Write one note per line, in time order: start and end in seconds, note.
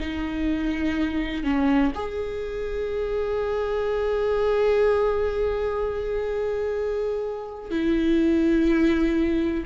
0.00 1.44 D#4
1.44 1.92 C#4
1.95 7.71 G#4
7.71 9.64 E4